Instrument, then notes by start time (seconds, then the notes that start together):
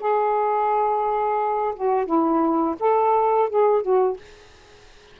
saxophone
0.00 G#4
1.76 F#4
2.06 E4
2.80 A4
3.49 G#4
3.82 F#4